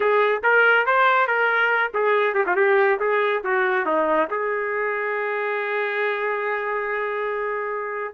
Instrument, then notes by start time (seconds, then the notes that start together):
trumpet
0.00 G#4
0.43 A#4
0.86 C5
1.27 A#4
1.94 G#4
2.34 G4
2.46 F4
2.55 G4
2.99 G#4
3.43 F#4
3.85 D#4
4.30 G#4